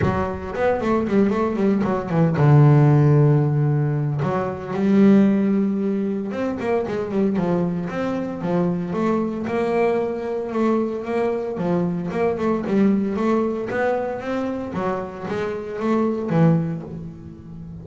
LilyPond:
\new Staff \with { instrumentName = "double bass" } { \time 4/4 \tempo 4 = 114 fis4 b8 a8 g8 a8 g8 fis8 | e8 d2.~ d8 | fis4 g2. | c'8 ais8 gis8 g8 f4 c'4 |
f4 a4 ais2 | a4 ais4 f4 ais8 a8 | g4 a4 b4 c'4 | fis4 gis4 a4 e4 | }